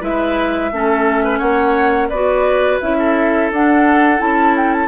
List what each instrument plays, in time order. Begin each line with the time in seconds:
0.00 bassoon G#3, clarinet E4, oboe B4, flute E5
0.71 bassoon A3, clarinet C#4, oboe A4
1.24 oboe B4
1.38 bassoon A#3, oboe C#5, flute F#5
2.09 bassoon B3, clarinet F#4, oboe B4, flute D5
2.81 bassoon C#4, clarinet E4, flute E5
2.98 oboe A4
3.51 bassoon D4, clarinet D4, flute F#5
4.18 bassoon C#4, clarinet E4, flute A5
4.56 flute G5
4.73 flute A5